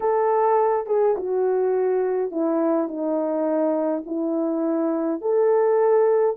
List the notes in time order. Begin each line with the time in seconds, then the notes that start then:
0.00 A4
0.86 G#4
1.16 F#4
2.31 E4
2.88 D#4
4.06 E4
5.21 A4